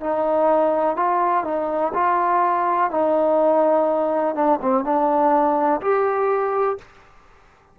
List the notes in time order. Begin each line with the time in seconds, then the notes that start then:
0.00 D#4
0.96 F4
1.44 D#4
1.94 F4
2.90 D#4
4.35 D4
4.61 C4
4.84 D4
5.81 G4